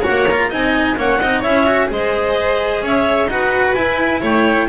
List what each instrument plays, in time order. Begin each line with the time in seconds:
0.00 cello F#4, violin C#5, clarinet F#5
0.09 double bass A#3
0.28 cello F4, clarinet A#5
0.50 double bass C4, cello D#4, violin D#5, clarinet G#5
0.97 double bass A#3, cello C#4, violin C#5, clarinet F#5
1.20 double bass C4, cello D#4, violin D#5
1.40 double bass C#4, cello E4, violin C#5, clarinet E5
1.66 cello F#4
1.88 double bass G#3, cello G#4, violin C5, clarinet D#5
2.81 double bass C#4, violin C#5, clarinet E5
3.26 double bass D#4, cello F#4, violin B4, clarinet F#5
3.74 double bass E4, cello E4, clarinet G#5
4.20 double bass A3, violin C#5, clarinet G5